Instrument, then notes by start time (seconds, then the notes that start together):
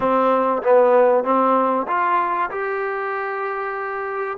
trombone
0.00 C4
0.62 B3
1.24 C4
1.87 F4
2.50 G4